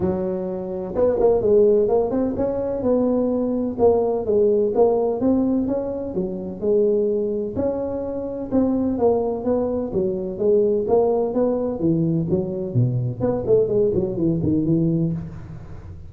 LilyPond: \new Staff \with { instrumentName = "tuba" } { \time 4/4 \tempo 4 = 127 fis2 b8 ais8 gis4 | ais8 c'8 cis'4 b2 | ais4 gis4 ais4 c'4 | cis'4 fis4 gis2 |
cis'2 c'4 ais4 | b4 fis4 gis4 ais4 | b4 e4 fis4 b,4 | b8 a8 gis8 fis8 e8 dis8 e4 | }